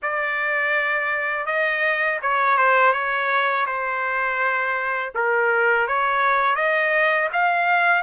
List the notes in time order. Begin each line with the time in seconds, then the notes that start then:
0.02 D5
1.46 D#5
2.22 C#5
2.57 C5
2.93 C#5
3.66 C5
5.14 A#4
5.87 C#5
6.55 D#5
7.32 F5